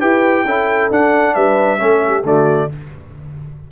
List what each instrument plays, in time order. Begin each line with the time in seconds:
0.00 tuba E4, trombone G4, horn B4, trumpet G5
0.45 tuba C#4, trombone E4, horn A4
0.90 tuba D4, trombone D4, trumpet F#5
1.34 tuba G3, horn B4, trumpet E5
1.78 tuba A3, trombone C#4, horn A4
2.06 horn G4
2.23 tuba D3, trombone A3, horn F#4, trumpet D5